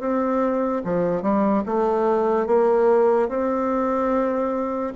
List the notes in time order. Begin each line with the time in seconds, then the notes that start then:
0.00 C4
0.84 F3
1.22 G3
1.66 A3
2.47 A#3
3.29 C4